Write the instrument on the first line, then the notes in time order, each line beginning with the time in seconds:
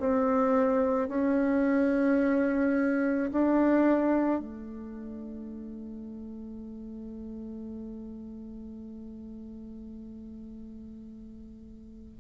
bassoon
0.00 C4
1.09 C#4
3.32 D4
4.40 A3